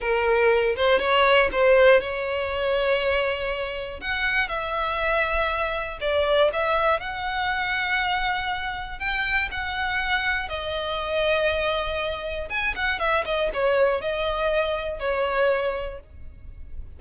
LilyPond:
\new Staff \with { instrumentName = "violin" } { \time 4/4 \tempo 4 = 120 ais'4. c''8 cis''4 c''4 | cis''1 | fis''4 e''2. | d''4 e''4 fis''2~ |
fis''2 g''4 fis''4~ | fis''4 dis''2.~ | dis''4 gis''8 fis''8 e''8 dis''8 cis''4 | dis''2 cis''2 | }